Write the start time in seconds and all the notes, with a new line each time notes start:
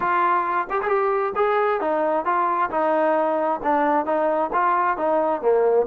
0.00 F4
0.70 G4
0.82 G4 G#4
1.35 G#4
1.80 D#4
2.25 F4
2.70 D#4
3.63 D4
4.05 D#4
4.52 F4
4.97 D#4
5.41 A#3